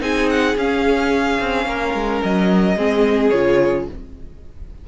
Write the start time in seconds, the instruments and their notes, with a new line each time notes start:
0.00 cello C4, viola D#4, violin G#4 G#5
0.29 violin F#5
0.56 cello C#4, viola C#4, violin F5
1.40 cello C4
1.66 cello A#3, violin A#4
1.94 cello G#3
2.23 cello F#3, violin D#5
2.76 cello G#3, viola C4, violin G#4
3.30 cello C#3, viola F4, violin C#5